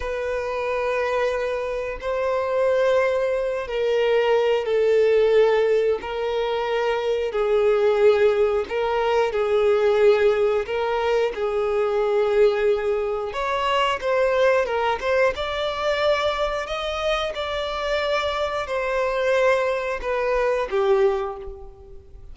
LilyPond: \new Staff \with { instrumentName = "violin" } { \time 4/4 \tempo 4 = 90 b'2. c''4~ | c''4. ais'4. a'4~ | a'4 ais'2 gis'4~ | gis'4 ais'4 gis'2 |
ais'4 gis'2. | cis''4 c''4 ais'8 c''8 d''4~ | d''4 dis''4 d''2 | c''2 b'4 g'4 | }